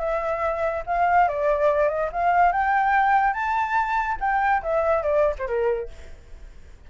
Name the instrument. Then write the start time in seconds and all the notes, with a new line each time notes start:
flute
0.00 E5
0.87 F5
1.29 D5
1.89 D#5
2.13 F5
2.53 G5
3.34 A5
4.21 G5
4.63 E5
5.03 D5
5.39 C5
5.48 A#4